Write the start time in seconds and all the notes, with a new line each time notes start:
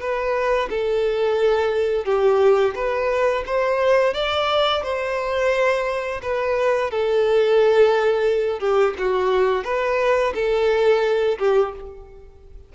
0.00 B4
0.70 A4
2.05 G4
2.75 B4
3.46 C5
4.14 D5
4.83 C5
6.22 B4
6.91 A4
8.59 G4
8.98 F#4
9.64 B4
10.34 A4
11.39 G4